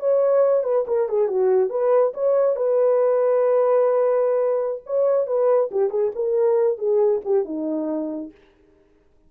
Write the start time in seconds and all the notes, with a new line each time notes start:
0.00 C#5
0.64 B4
0.87 A#4
1.09 G#4
1.28 F#4
1.70 B4
2.14 C#5
2.56 B4
4.86 C#5
5.27 B4
5.71 G4
5.90 G#4
6.15 A#4
6.78 G#4
7.25 G4
7.45 D#4